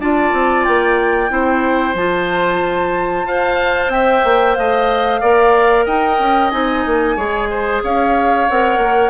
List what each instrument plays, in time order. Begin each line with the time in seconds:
0.00 bassoon D4, clarinet F4, oboe D5, flute A5
0.33 bassoon C4
0.65 bassoon A#3, flute G5
1.30 bassoon C4, clarinet E4, oboe C5
1.95 bassoon F3, clarinet F4, flute A5
3.24 bassoon F4, clarinet C5, oboe F5
3.89 bassoon C4, oboe E5, flute G5
4.25 bassoon A#3
4.55 bassoon A3, oboe D#5, flute F5
5.21 bassoon A#3, clarinet A#4, oboe D5
5.86 bassoon D#4, oboe D#5, flute G5
6.20 bassoon C#4
6.51 bassoon C4, clarinet D#4, flute G#5
6.86 bassoon A#3
7.16 bassoon G#3, clarinet G#4, oboe C#5
7.51 oboe C5
7.84 bassoon C#4, oboe C#5, flute F5
8.49 bassoon C4, clarinet A#4, flute F#5
8.78 bassoon A#3